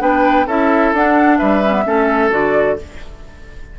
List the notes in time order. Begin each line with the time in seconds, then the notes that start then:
0.00 B3 D4 B4 G5
0.47 C#4 E4 A4 E5
0.93 D4 F#5
1.38 G3 B4 E5
1.64 C#4
1.73 B3
1.86 A3 C#4 A4
2.31 D3 F#4 D5